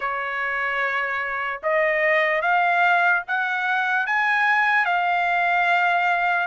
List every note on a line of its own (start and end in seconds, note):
0.00 1.60 C#5
1.63 2.41 D#5
2.41 3.22 F5
3.27 4.06 F#5
4.06 4.85 G#5
4.85 6.47 F5